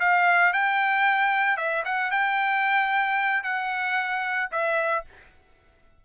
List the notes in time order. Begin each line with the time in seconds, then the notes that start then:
0.00 F5
0.53 G5
1.57 E5
1.85 F#5
2.11 G5
3.44 F#5
4.52 E5